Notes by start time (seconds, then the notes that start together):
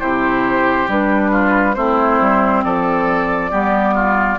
0.00 C3 E4 G4 C5
0.89 G3 D4 B4
1.31 F4
1.75 A3 C4 E4 C5
2.21 G3
2.64 F3 A4 D5
3.51 G3 B3 G4
3.95 F4